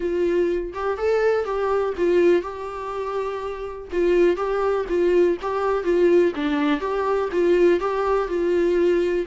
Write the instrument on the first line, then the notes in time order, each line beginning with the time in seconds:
viola
0.00 F4
0.73 G4
0.97 A4
1.44 G4
1.97 F4
2.41 G4
3.92 F4
4.36 G4
4.88 F4
5.41 G4
5.83 F4
6.35 D4
6.80 G4
7.31 F4
7.80 G4
8.28 F4